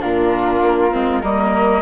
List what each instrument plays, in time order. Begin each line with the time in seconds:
0.00 bassoon A#2, viola D4, flute F4 A#4
0.61 bassoon A#3
0.91 bassoon G#3, viola C4
1.21 bassoon G3, viola A#3, flute A#4 D#5